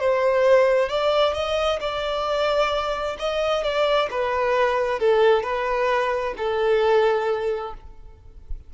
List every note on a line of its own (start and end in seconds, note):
0.00 0.89 C5
0.89 1.34 D5
1.34 1.80 D#5
1.80 3.17 D5
3.19 3.64 D#5
3.64 4.09 D5
4.11 5.00 B4
5.00 5.43 A4
5.43 6.34 B4
6.38 7.74 A4